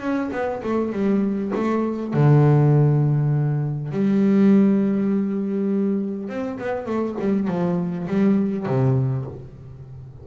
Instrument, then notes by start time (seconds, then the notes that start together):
double bass
0.00 C#4
0.32 B3
0.63 A3
0.92 G3
1.55 A3
2.13 D3
3.91 G3
6.28 C4
6.58 B3
6.86 A3
7.19 G3
7.47 F3
8.07 G3
8.66 C3